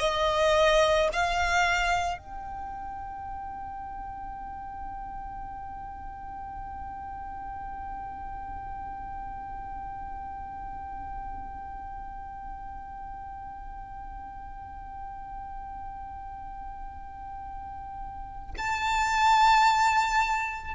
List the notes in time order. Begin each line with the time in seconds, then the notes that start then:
0.00 D#5
1.14 F5
2.18 G5
18.58 A5